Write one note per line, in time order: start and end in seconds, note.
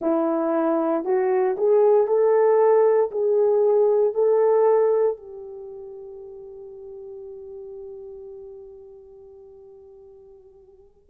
0.00 1.04 E4
1.04 1.56 F#4
1.58 2.07 G#4
2.07 3.10 A4
3.11 4.14 G#4
4.14 5.16 A4
5.16 11.09 G4